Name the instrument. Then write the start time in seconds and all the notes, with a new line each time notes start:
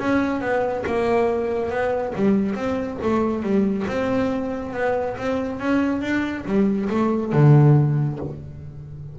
double bass
0.00 C#4
0.41 B3
0.87 A#3
1.71 B3
2.16 G3
2.56 C4
3.03 A3
3.43 G3
3.88 C4
4.74 B3
5.18 C4
5.60 C#4
6.02 D4
6.46 G3
6.90 A3
7.33 D3